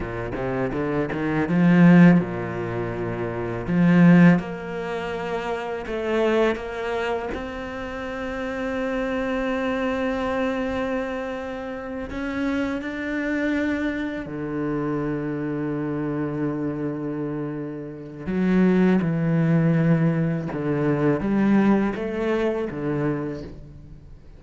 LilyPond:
\new Staff \with { instrumentName = "cello" } { \time 4/4 \tempo 4 = 82 ais,8 c8 d8 dis8 f4 ais,4~ | ais,4 f4 ais2 | a4 ais4 c'2~ | c'1~ |
c'8 cis'4 d'2 d8~ | d1~ | d4 fis4 e2 | d4 g4 a4 d4 | }